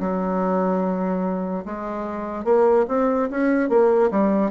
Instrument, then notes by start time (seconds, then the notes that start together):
bassoon
0.00 F#3
1.65 G#3
2.44 A#3
2.88 C4
3.30 C#4
3.69 A#3
4.11 G3